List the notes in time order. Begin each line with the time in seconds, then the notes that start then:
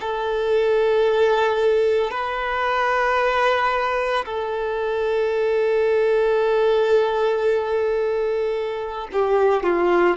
0.00 A4
2.10 B4
4.25 A4
9.12 G4
9.63 F4